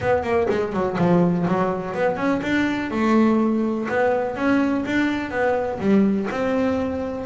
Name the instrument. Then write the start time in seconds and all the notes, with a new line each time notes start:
double bass
0.00 B3
0.23 A#3
0.49 G#3
0.72 F#3
0.98 F3
1.47 F#3
1.94 B3
2.16 C#4
2.42 D4
2.90 A3
3.88 B3
4.35 C#4
4.85 D4
5.30 B3
5.80 G3
6.30 C4